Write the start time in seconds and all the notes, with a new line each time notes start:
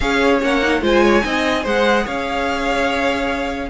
0.00 C#4 G#4 C#5 F5
0.41 A#3 C#4 F#5
0.61 D#4
0.81 G#3 F4 C5 G#5
1.02 C#5
1.24 C4 D#4 D#5
1.62 G#3 G#4 C5 F#5
2.04 C#4 C#5 F5